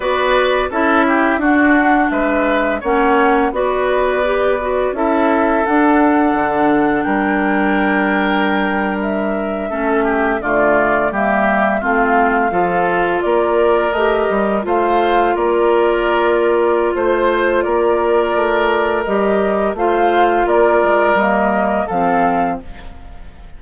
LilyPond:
<<
  \new Staff \with { instrumentName = "flute" } { \time 4/4 \tempo 4 = 85 d''4 e''4 fis''4 e''4 | fis''4 d''2 e''4 | fis''2 g''2~ | g''8. e''2 d''4 e''16~ |
e''8. f''2 d''4 dis''16~ | dis''8. f''4 d''2~ d''16 | c''4 d''2 dis''4 | f''4 d''4 dis''4 f''4 | }
  \new Staff \with { instrumentName = "oboe" } { \time 4/4 b'4 a'8 g'8 fis'4 b'4 | cis''4 b'2 a'4~ | a'2 ais'2~ | ais'4.~ ais'16 a'8 g'8 f'4 g'16~ |
g'8. f'4 a'4 ais'4~ ais'16~ | ais'8. c''4 ais'2~ ais'16 | c''4 ais'2. | c''4 ais'2 a'4 | }
  \new Staff \with { instrumentName = "clarinet" } { \time 4/4 fis'4 e'4 d'2 | cis'4 fis'4 g'8 fis'8 e'4 | d'1~ | d'4.~ d'16 cis'4 a4 ais16~ |
ais8. c'4 f'2 g'16~ | g'8. f'2.~ f'16~ | f'2. g'4 | f'2 ais4 c'4 | }
  \new Staff \with { instrumentName = "bassoon" } { \time 4/4 b4 cis'4 d'4 gis4 | ais4 b2 cis'4 | d'4 d4 g2~ | g4.~ g16 a4 d4 g16~ |
g8. a4 f4 ais4 a16~ | a16 g8 a4 ais2~ ais16 | a4 ais4 a4 g4 | a4 ais8 gis8 g4 f4 | }
>>